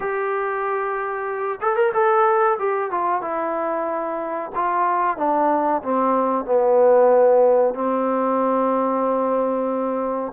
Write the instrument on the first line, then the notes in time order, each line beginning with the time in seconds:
trombone
0.00 G4
1.61 A4
1.76 A#4
1.93 A4
2.58 G4
2.91 F4
3.21 E4
4.55 F4
5.17 D4
5.82 C4
6.45 B3
7.74 C4